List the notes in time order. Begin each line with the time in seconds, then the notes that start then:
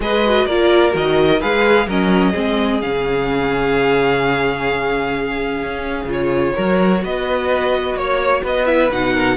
0.00 G#3 G#4 B4 D#5
0.25 F#4
0.46 A#3 F4 A#4 D5
0.91 D#3 F#4 D#5
1.40 G#3 G#4 B4 F5
1.86 F#3 C#4 A#4 D#5
2.31 G#3 C4 G#4
2.81 C#3 C#4 F5
5.62 C#4
6.05 C#3 F4
6.12 C#5
6.54 F#3 F#4 A#4
7.04 B3 B4 D#5
7.94 A#3 C#5
8.43 B3 B4 D#5
8.65 E4 E5
8.90 B2 D#4 F#5
9.13 A#4